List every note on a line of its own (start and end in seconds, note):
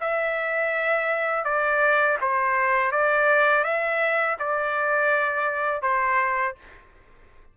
0.00 1.44 E5
1.44 2.18 D5
2.21 2.91 C5
2.91 3.64 D5
3.64 4.37 E5
4.39 5.82 D5
5.82 6.55 C5